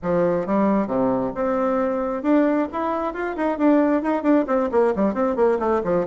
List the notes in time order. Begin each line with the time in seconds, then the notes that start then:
0.02 F3
0.46 G3
0.87 C3
1.34 C4
2.22 D4
2.72 E4
3.13 F4
3.36 D#4
3.58 D4
4.02 D#4
4.23 D4
4.47 C4
4.71 A#3
4.95 G3
5.14 C4
5.36 A#3
5.59 A3
5.84 F3